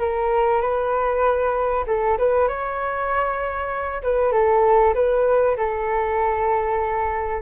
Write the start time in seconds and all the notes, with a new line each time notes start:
0.00 A#4
0.62 B4
1.87 A4
2.18 B4
2.49 C#5
4.03 B4
4.32 A4
4.95 B4
5.58 A4